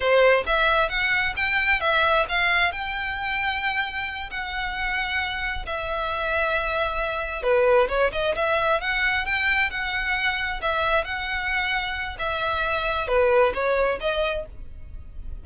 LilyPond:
\new Staff \with { instrumentName = "violin" } { \time 4/4 \tempo 4 = 133 c''4 e''4 fis''4 g''4 | e''4 f''4 g''2~ | g''4. fis''2~ fis''8~ | fis''8 e''2.~ e''8~ |
e''8 b'4 cis''8 dis''8 e''4 fis''8~ | fis''8 g''4 fis''2 e''8~ | e''8 fis''2~ fis''8 e''4~ | e''4 b'4 cis''4 dis''4 | }